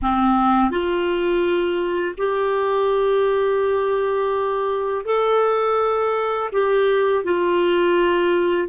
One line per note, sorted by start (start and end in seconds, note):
0.02 0.70 C4
0.70 2.15 F4
2.17 5.05 G4
5.05 6.50 A4
6.52 7.24 G4
7.24 8.68 F4